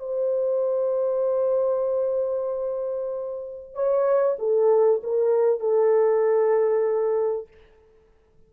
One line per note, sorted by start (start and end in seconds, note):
0.00 3.75 C5
3.75 4.38 C#5
4.39 5.02 A4
5.04 5.60 A#4
5.60 7.48 A4